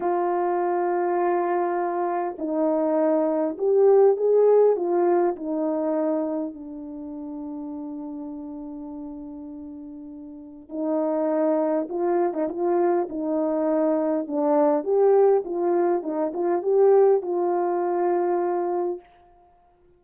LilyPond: \new Staff \with { instrumentName = "horn" } { \time 4/4 \tempo 4 = 101 f'1 | dis'2 g'4 gis'4 | f'4 dis'2 d'4~ | d'1~ |
d'2 dis'2 | f'8. dis'16 f'4 dis'2 | d'4 g'4 f'4 dis'8 f'8 | g'4 f'2. | }